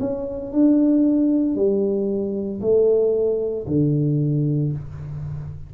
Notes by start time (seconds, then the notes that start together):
0.00 C#4
0.53 D4
1.56 G3
2.61 A3
3.67 D3